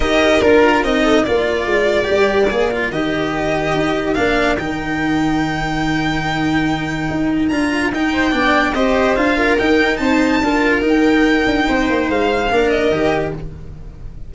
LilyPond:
<<
  \new Staff \with { instrumentName = "violin" } { \time 4/4 \tempo 4 = 144 dis''4 ais'4 dis''4 d''4~ | d''2. dis''4~ | dis''2 f''4 g''4~ | g''1~ |
g''2 ais''4 g''4~ | g''4 dis''4 f''4 g''4 | a''2 g''2~ | g''4 f''4. dis''4. | }
  \new Staff \with { instrumentName = "viola" } { \time 4/4 ais'2~ ais'8 a'8 ais'4~ | ais'1~ | ais'1~ | ais'1~ |
ais'2.~ ais'8 c''8 | d''4 c''4. ais'4. | c''4 ais'2. | c''2 ais'2 | }
  \new Staff \with { instrumentName = "cello" } { \time 4/4 g'4 f'4 dis'4 f'4~ | f'4 g'4 gis'8 f'8 g'4~ | g'2 d'4 dis'4~ | dis'1~ |
dis'2 f'4 dis'4 | d'4 g'4 f'4 dis'4~ | dis'4 f'4 dis'2~ | dis'2 d'4 g'4 | }
  \new Staff \with { instrumentName = "tuba" } { \time 4/4 dis'4 d'4 c'4 ais4 | gis4 g4 ais4 dis4~ | dis4 dis'4 ais4 dis4~ | dis1~ |
dis4 dis'4 d'4 dis'4 | b4 c'4 d'4 dis'4 | c'4 d'4 dis'4. d'8 | c'8 ais8 gis4 ais4 dis4 | }
>>